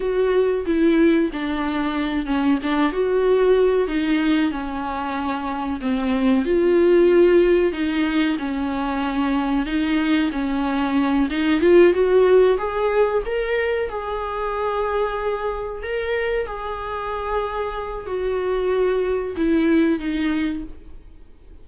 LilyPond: \new Staff \with { instrumentName = "viola" } { \time 4/4 \tempo 4 = 93 fis'4 e'4 d'4. cis'8 | d'8 fis'4. dis'4 cis'4~ | cis'4 c'4 f'2 | dis'4 cis'2 dis'4 |
cis'4. dis'8 f'8 fis'4 gis'8~ | gis'8 ais'4 gis'2~ gis'8~ | gis'8 ais'4 gis'2~ gis'8 | fis'2 e'4 dis'4 | }